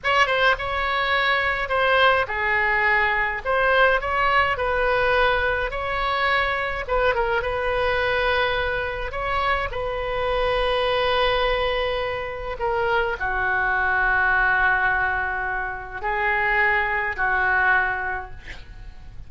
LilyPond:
\new Staff \with { instrumentName = "oboe" } { \time 4/4 \tempo 4 = 105 cis''8 c''8 cis''2 c''4 | gis'2 c''4 cis''4 | b'2 cis''2 | b'8 ais'8 b'2. |
cis''4 b'2.~ | b'2 ais'4 fis'4~ | fis'1 | gis'2 fis'2 | }